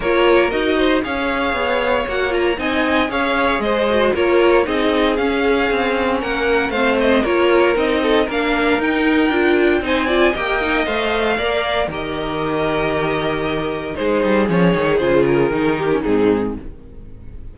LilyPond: <<
  \new Staff \with { instrumentName = "violin" } { \time 4/4 \tempo 4 = 116 cis''4 dis''4 f''2 | fis''8 ais''8 gis''4 f''4 dis''4 | cis''4 dis''4 f''2 | fis''4 f''8 dis''8 cis''4 dis''4 |
f''4 g''2 gis''4 | g''4 f''2 dis''4~ | dis''2. c''4 | cis''4 c''8 ais'4. gis'4 | }
  \new Staff \with { instrumentName = "violin" } { \time 4/4 ais'4. c''8 cis''2~ | cis''4 dis''4 cis''4 c''4 | ais'4 gis'2. | ais'4 c''4 ais'4. a'8 |
ais'2. c''8 d''8 | dis''2 d''4 ais'4~ | ais'2. gis'4~ | gis'2~ gis'8 g'8 dis'4 | }
  \new Staff \with { instrumentName = "viola" } { \time 4/4 f'4 fis'4 gis'2 | fis'8 f'8 dis'4 gis'4. fis'8 | f'4 dis'4 cis'2~ | cis'4 c'4 f'4 dis'4 |
d'4 dis'4 f'4 dis'8 f'8 | g'8 dis'8 c''4 ais'4 g'4~ | g'2. dis'4 | cis'8 dis'8 f'4 dis'8. cis'16 c'4 | }
  \new Staff \with { instrumentName = "cello" } { \time 4/4 ais4 dis'4 cis'4 b4 | ais4 c'4 cis'4 gis4 | ais4 c'4 cis'4 c'4 | ais4 a4 ais4 c'4 |
ais4 dis'4 d'4 c'4 | ais4 a4 ais4 dis4~ | dis2. gis8 g8 | f8 dis8 cis4 dis4 gis,4 | }
>>